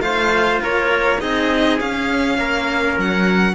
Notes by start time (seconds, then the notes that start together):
0.00 A3 F4 C5 F5
0.62 A#3 A#4 C#5
1.20 C4 D#4 G#4 D#5
1.80 C#4 F5
2.38 A#3 A#4
2.98 F#3 F#5